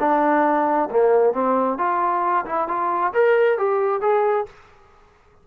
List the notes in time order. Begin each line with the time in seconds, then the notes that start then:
0.00 D4
0.91 A#3
1.34 C4
1.78 F4
2.46 E4
2.68 F4
3.14 A#4
3.58 G4
4.02 G#4